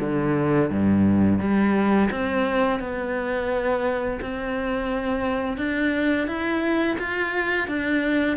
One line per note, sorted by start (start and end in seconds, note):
0.00 0.70 D3
0.70 1.39 G2
1.39 2.09 G3
2.10 2.79 C4
2.79 4.19 B3
4.21 5.57 C4
5.57 6.27 D4
6.27 6.97 E4
6.99 7.67 F4
7.67 8.37 D4